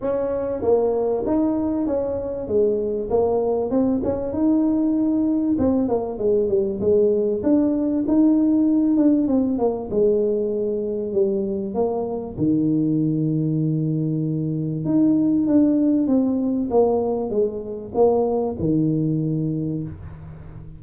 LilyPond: \new Staff \with { instrumentName = "tuba" } { \time 4/4 \tempo 4 = 97 cis'4 ais4 dis'4 cis'4 | gis4 ais4 c'8 cis'8 dis'4~ | dis'4 c'8 ais8 gis8 g8 gis4 | d'4 dis'4. d'8 c'8 ais8 |
gis2 g4 ais4 | dis1 | dis'4 d'4 c'4 ais4 | gis4 ais4 dis2 | }